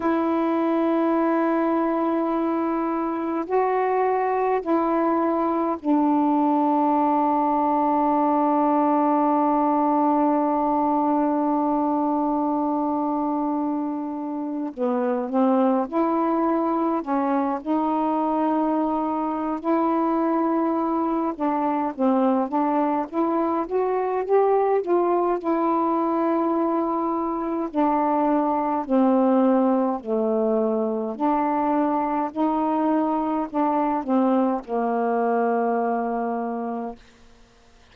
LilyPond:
\new Staff \with { instrumentName = "saxophone" } { \time 4/4 \tempo 4 = 52 e'2. fis'4 | e'4 d'2.~ | d'1~ | d'8. b8 c'8 e'4 cis'8 dis'8.~ |
dis'4 e'4. d'8 c'8 d'8 | e'8 fis'8 g'8 f'8 e'2 | d'4 c'4 a4 d'4 | dis'4 d'8 c'8 ais2 | }